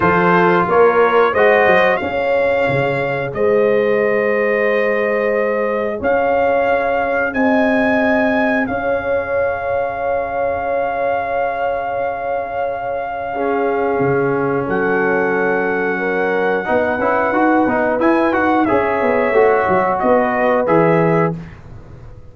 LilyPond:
<<
  \new Staff \with { instrumentName = "trumpet" } { \time 4/4 \tempo 4 = 90 c''4 cis''4 dis''4 f''4~ | f''4 dis''2.~ | dis''4 f''2 gis''4~ | gis''4 f''2.~ |
f''1~ | f''2 fis''2~ | fis''2. gis''8 fis''8 | e''2 dis''4 e''4 | }
  \new Staff \with { instrumentName = "horn" } { \time 4/4 a'4 ais'4 c''4 cis''4~ | cis''4 c''2.~ | c''4 cis''2 dis''4~ | dis''4 cis''2.~ |
cis''1 | gis'2 a'2 | ais'4 b'2. | cis''2 b'2 | }
  \new Staff \with { instrumentName = "trombone" } { \time 4/4 f'2 fis'4 gis'4~ | gis'1~ | gis'1~ | gis'1~ |
gis'1 | cis'1~ | cis'4 dis'8 e'8 fis'8 dis'8 e'8 fis'8 | gis'4 fis'2 gis'4 | }
  \new Staff \with { instrumentName = "tuba" } { \time 4/4 f4 ais4 gis8 fis8 cis'4 | cis4 gis2.~ | gis4 cis'2 c'4~ | c'4 cis'2.~ |
cis'1~ | cis'4 cis4 fis2~ | fis4 b8 cis'8 dis'8 b8 e'8 dis'8 | cis'8 b8 a8 fis8 b4 e4 | }
>>